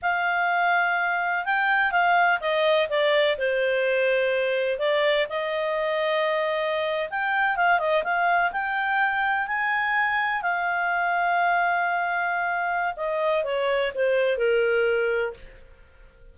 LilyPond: \new Staff \with { instrumentName = "clarinet" } { \time 4/4 \tempo 4 = 125 f''2. g''4 | f''4 dis''4 d''4 c''4~ | c''2 d''4 dis''4~ | dis''2~ dis''8. g''4 f''16~ |
f''16 dis''8 f''4 g''2 gis''16~ | gis''4.~ gis''16 f''2~ f''16~ | f''2. dis''4 | cis''4 c''4 ais'2 | }